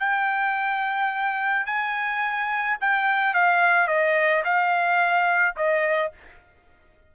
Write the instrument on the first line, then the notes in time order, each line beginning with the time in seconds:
trumpet
0.00 G5
1.67 G#5
2.81 G5
3.34 F5
3.88 D#5
4.45 F5
5.57 D#5